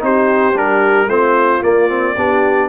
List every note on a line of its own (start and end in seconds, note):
0.00 0.55 C4
0.00 0.54 D#4
0.00 1.08 G4
0.00 0.58 C5
0.54 1.07 G3
0.54 1.08 D4
0.54 1.10 A#4
1.07 1.61 A3
1.07 1.62 C4
1.07 2.16 F4
1.07 1.63 C5
1.62 1.89 A#3
1.62 2.17 A#3
1.62 2.69 D5
1.89 2.16 C4
2.16 2.69 B3
2.16 2.69 D4
2.16 2.69 G4